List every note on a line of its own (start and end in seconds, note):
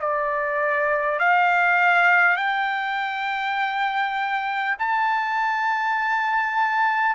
0.00 1.19 D5
1.19 2.37 F5
2.37 4.77 G5
4.79 7.16 A5